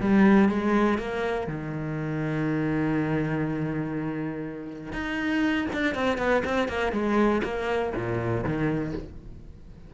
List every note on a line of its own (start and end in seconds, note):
0.00 0.49 G3
0.49 0.98 G#3
0.98 1.47 A#3
1.47 4.92 D#3
4.92 5.67 D#4
5.73 5.94 D4
5.94 6.18 C4
6.18 6.43 B3
6.44 6.68 C4
6.68 6.92 A#3
6.92 7.42 G#3
7.44 7.93 A#3
7.95 8.44 A#2
8.44 8.93 D#3